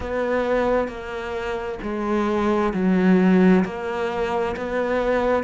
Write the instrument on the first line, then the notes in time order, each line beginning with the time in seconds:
cello
0.00 B3
0.88 A#3
1.82 G#3
2.73 F#3
3.64 A#3
4.56 B3